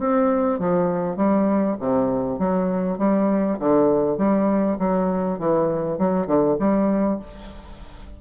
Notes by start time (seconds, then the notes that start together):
0.00 C4
0.60 F3
1.17 G3
1.80 C3
2.39 F#3
2.98 G3
3.60 D3
4.18 G3
4.79 F#3
5.39 E3
5.99 F#3
6.27 D3
6.60 G3